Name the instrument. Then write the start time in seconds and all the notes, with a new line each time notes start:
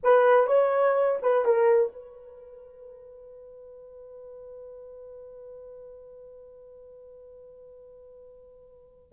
horn
0.03 B4
0.46 C#5
1.22 B4
1.45 A#4
1.92 B4